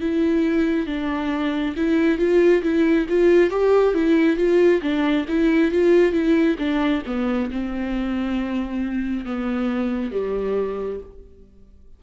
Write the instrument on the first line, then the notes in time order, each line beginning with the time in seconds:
viola
0.00 E4
0.86 D4
1.76 E4
2.18 F4
2.62 E4
3.09 F4
3.50 G4
3.94 E4
4.36 F4
4.81 D4
5.28 E4
5.71 F4
6.12 E4
6.58 D4
7.06 B3
7.51 C4
9.25 B3
10.11 G3